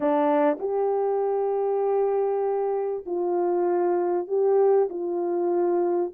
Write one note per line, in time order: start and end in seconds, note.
0.00 0.57 D4
0.59 3.04 G4
3.06 4.27 F4
4.27 4.88 G4
4.89 6.12 F4